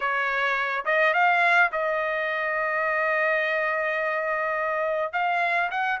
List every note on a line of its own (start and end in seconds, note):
0.00 0.84 C#5
0.85 1.13 D#5
1.13 1.70 F5
1.71 5.12 D#5
5.12 5.70 F5
5.70 5.99 F#5